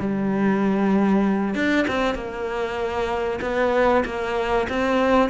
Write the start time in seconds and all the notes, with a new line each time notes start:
0.00 G3
1.55 D4
1.88 C4
2.15 A#3
3.42 B3
4.06 A#3
4.70 C4